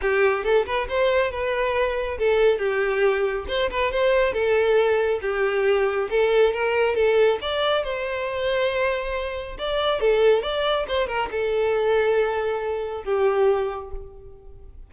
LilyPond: \new Staff \with { instrumentName = "violin" } { \time 4/4 \tempo 4 = 138 g'4 a'8 b'8 c''4 b'4~ | b'4 a'4 g'2 | c''8 b'8 c''4 a'2 | g'2 a'4 ais'4 |
a'4 d''4 c''2~ | c''2 d''4 a'4 | d''4 c''8 ais'8 a'2~ | a'2 g'2 | }